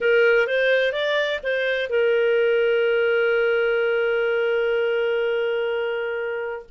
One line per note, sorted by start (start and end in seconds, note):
0.00 0.47 A#4
0.47 0.92 C5
0.92 1.40 D5
1.43 1.89 C5
1.89 6.65 A#4